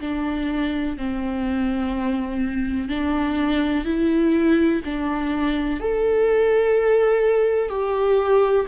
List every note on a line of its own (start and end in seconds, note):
0.00 0.97 D4
0.97 2.89 C4
2.89 3.84 D4
3.84 4.81 E4
4.84 5.80 D4
5.80 7.69 A4
7.69 8.66 G4